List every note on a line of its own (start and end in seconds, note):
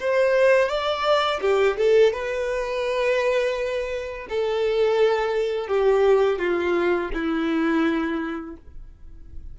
0.00 0.69 C5
0.69 1.40 D5
1.41 1.77 G4
1.77 2.13 A4
2.13 4.27 B4
4.30 5.68 A4
5.68 6.39 G4
6.39 7.10 F4
7.14 8.56 E4